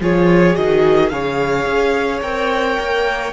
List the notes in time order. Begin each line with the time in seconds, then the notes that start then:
0.00 F3 F4 G#4 C#5
0.54 D#3 F#4 D#5
1.09 C#3 G#4 C#5 F5
1.66 C#4
2.21 C4 A#4 G5
2.79 A#3